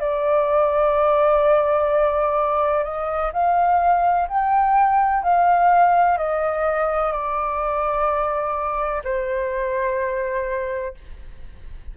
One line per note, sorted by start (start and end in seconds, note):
0.00 2.84 D5
2.84 3.32 D#5
3.33 4.28 F5
4.29 5.23 G5
5.23 6.18 F5
6.18 7.12 D#5
7.12 9.03 D5
9.04 10.94 C5